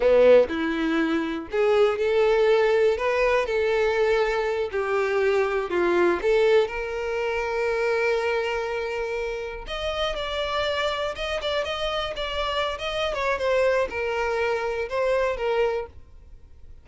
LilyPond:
\new Staff \with { instrumentName = "violin" } { \time 4/4 \tempo 4 = 121 b4 e'2 gis'4 | a'2 b'4 a'4~ | a'4. g'2 f'8~ | f'8 a'4 ais'2~ ais'8~ |
ais'2.~ ais'8 dis''8~ | dis''8 d''2 dis''8 d''8 dis''8~ | dis''8 d''4~ d''16 dis''8. cis''8 c''4 | ais'2 c''4 ais'4 | }